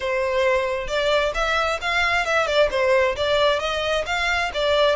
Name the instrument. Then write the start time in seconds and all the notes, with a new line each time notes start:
violin
0.00 C5
0.87 D5
1.34 E5
1.81 F5
2.25 E5
2.46 D5
2.70 C5
3.16 D5
3.59 D#5
4.06 F5
4.54 D5